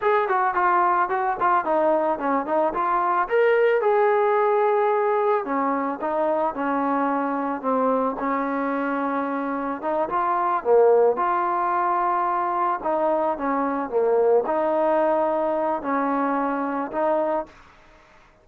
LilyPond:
\new Staff \with { instrumentName = "trombone" } { \time 4/4 \tempo 4 = 110 gis'8 fis'8 f'4 fis'8 f'8 dis'4 | cis'8 dis'8 f'4 ais'4 gis'4~ | gis'2 cis'4 dis'4 | cis'2 c'4 cis'4~ |
cis'2 dis'8 f'4 ais8~ | ais8 f'2. dis'8~ | dis'8 cis'4 ais4 dis'4.~ | dis'4 cis'2 dis'4 | }